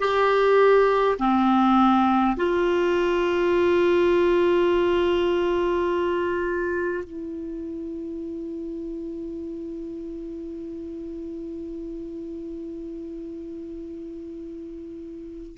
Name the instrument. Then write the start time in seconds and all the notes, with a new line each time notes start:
clarinet
0.00 G4
1.19 C4
2.37 F4
7.05 E4